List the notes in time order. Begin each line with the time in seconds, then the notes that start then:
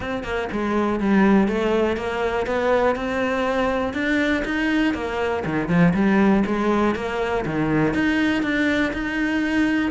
0.00 C4
0.23 A#3
0.52 G#3
0.99 G3
1.48 A3
1.96 A#3
2.46 B3
2.95 C4
3.93 D4
4.44 D#4
4.94 A#3
5.45 D#3
5.68 F3
5.93 G3
6.46 G#3
6.95 A#3
7.45 D#3
7.94 D#4
8.43 D4
8.93 D#4